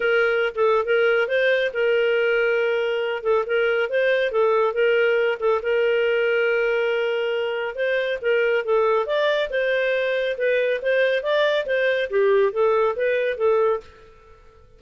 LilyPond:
\new Staff \with { instrumentName = "clarinet" } { \time 4/4 \tempo 4 = 139 ais'4~ ais'16 a'8. ais'4 c''4 | ais'2.~ ais'8 a'8 | ais'4 c''4 a'4 ais'4~ | ais'8 a'8 ais'2.~ |
ais'2 c''4 ais'4 | a'4 d''4 c''2 | b'4 c''4 d''4 c''4 | g'4 a'4 b'4 a'4 | }